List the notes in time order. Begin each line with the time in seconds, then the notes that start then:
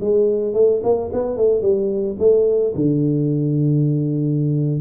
0.00 G#3
0.53 A3
0.83 A#3
1.12 B3
1.36 A3
1.61 G3
2.18 A3
2.75 D3